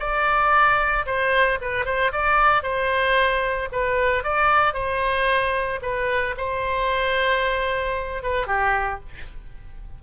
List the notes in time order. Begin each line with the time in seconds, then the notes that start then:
0.00 D5
1.06 C5
1.61 B4
1.86 C5
2.12 D5
2.63 C5
3.72 B4
4.24 D5
4.74 C5
5.82 B4
6.38 C5
8.23 B4
8.47 G4